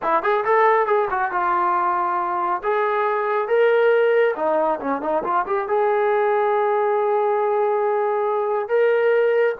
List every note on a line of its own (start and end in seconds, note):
0.02 0.22 E4
0.22 0.44 G#4
0.44 0.86 A4
0.86 1.08 G#4
1.10 1.31 F#4
1.31 2.62 F4
2.63 3.48 G#4
3.48 4.35 A#4
4.36 4.79 D#4
4.80 5.01 C#4
5.01 5.23 D#4
5.23 5.45 F4
5.46 5.68 G4
5.68 8.68 G#4
8.68 9.55 A#4